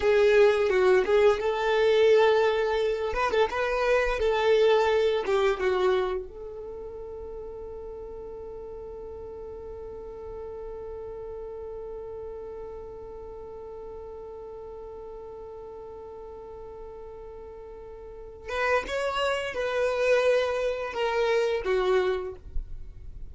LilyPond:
\new Staff \with { instrumentName = "violin" } { \time 4/4 \tempo 4 = 86 gis'4 fis'8 gis'8 a'2~ | a'8 b'16 a'16 b'4 a'4. g'8 | fis'4 a'2.~ | a'1~ |
a'1~ | a'1~ | a'2~ a'8 b'8 cis''4 | b'2 ais'4 fis'4 | }